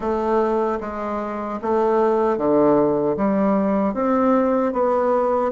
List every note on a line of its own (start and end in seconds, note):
0.00 0.79 A3
0.80 1.59 G#3
1.61 2.37 A3
2.37 3.16 D3
3.17 3.94 G3
3.94 4.72 C4
4.72 5.51 B3